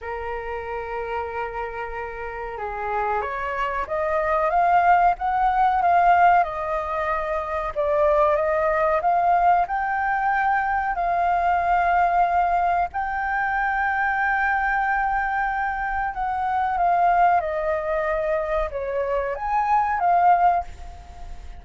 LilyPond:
\new Staff \with { instrumentName = "flute" } { \time 4/4 \tempo 4 = 93 ais'1 | gis'4 cis''4 dis''4 f''4 | fis''4 f''4 dis''2 | d''4 dis''4 f''4 g''4~ |
g''4 f''2. | g''1~ | g''4 fis''4 f''4 dis''4~ | dis''4 cis''4 gis''4 f''4 | }